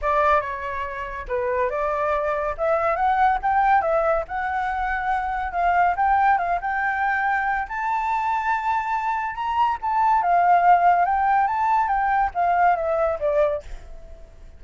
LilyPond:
\new Staff \with { instrumentName = "flute" } { \time 4/4 \tempo 4 = 141 d''4 cis''2 b'4 | d''2 e''4 fis''4 | g''4 e''4 fis''2~ | fis''4 f''4 g''4 f''8 g''8~ |
g''2 a''2~ | a''2 ais''4 a''4 | f''2 g''4 a''4 | g''4 f''4 e''4 d''4 | }